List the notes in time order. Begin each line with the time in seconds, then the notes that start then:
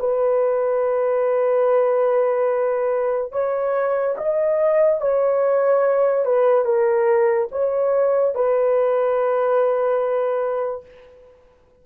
0.00 B4
3.33 C#5
4.17 D#5
5.01 C#5
6.25 B4
6.65 A#4
7.52 C#5
8.35 B4